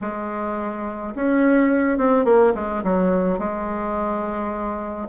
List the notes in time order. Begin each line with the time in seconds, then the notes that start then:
0.01 G#3
1.15 C#4
1.98 C4
2.25 A#3
2.54 G#3
2.83 F#3
3.38 G#3